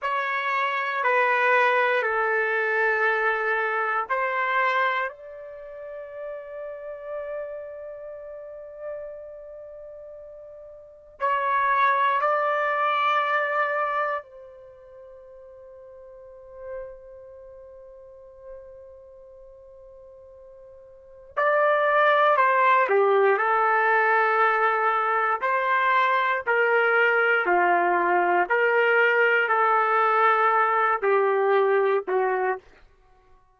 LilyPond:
\new Staff \with { instrumentName = "trumpet" } { \time 4/4 \tempo 4 = 59 cis''4 b'4 a'2 | c''4 d''2.~ | d''2. cis''4 | d''2 c''2~ |
c''1~ | c''4 d''4 c''8 g'8 a'4~ | a'4 c''4 ais'4 f'4 | ais'4 a'4. g'4 fis'8 | }